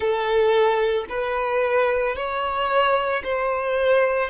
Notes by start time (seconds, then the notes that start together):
0.00 A4
1.09 B4
2.15 C#5
3.23 C5